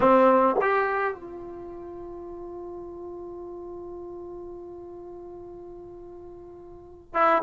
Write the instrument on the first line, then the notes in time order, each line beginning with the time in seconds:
trombone
0.00 C4
0.61 G4
1.14 F4
7.14 E4